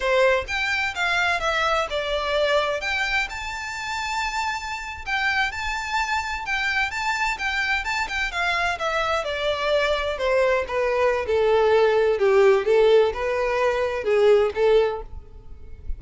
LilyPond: \new Staff \with { instrumentName = "violin" } { \time 4/4 \tempo 4 = 128 c''4 g''4 f''4 e''4 | d''2 g''4 a''4~ | a''2~ a''8. g''4 a''16~ | a''4.~ a''16 g''4 a''4 g''16~ |
g''8. a''8 g''8 f''4 e''4 d''16~ | d''4.~ d''16 c''4 b'4~ b'16 | a'2 g'4 a'4 | b'2 gis'4 a'4 | }